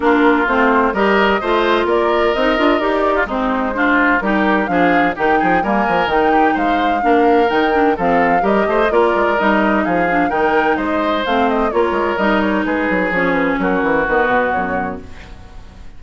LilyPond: <<
  \new Staff \with { instrumentName = "flute" } { \time 4/4 \tempo 4 = 128 ais'4 c''4 dis''2 | d''4 dis''4 d''4 c''4~ | c''4 ais'4 f''4 g''4 | gis''4 g''4 f''2 |
g''4 f''4 dis''4 d''4 | dis''4 f''4 g''4 dis''4 | f''8 dis''8 cis''4 dis''8 cis''8 b'4 | cis''8 b'8 ais'4 b'4 cis''4 | }
  \new Staff \with { instrumentName = "oboe" } { \time 4/4 f'2 ais'4 c''4 | ais'2~ ais'8. f'16 dis'4 | f'4 g'4 gis'4 g'8 gis'8 | ais'4. g'8 c''4 ais'4~ |
ais'4 a'4 ais'8 c''8 ais'4~ | ais'4 gis'4 ais'4 c''4~ | c''4 ais'2 gis'4~ | gis'4 fis'2. | }
  \new Staff \with { instrumentName = "clarinet" } { \time 4/4 d'4 c'4 g'4 f'4~ | f'4 dis'8 f'8 g'4 c'4 | d'4 dis'4 d'4 dis'4 | ais4 dis'2 d'4 |
dis'8 d'8 c'4 g'4 f'4 | dis'4. d'8 dis'2 | c'4 f'4 dis'2 | cis'2 b2 | }
  \new Staff \with { instrumentName = "bassoon" } { \time 4/4 ais4 a4 g4 a4 | ais4 c'8 d'8 dis'4 gis4~ | gis4 g4 f4 dis8 f8 | g8 f8 dis4 gis4 ais4 |
dis4 f4 g8 a8 ais8 gis8 | g4 f4 dis4 gis4 | a4 ais8 gis8 g4 gis8 fis8 | f4 fis8 e8 dis8 b,8 fis,4 | }
>>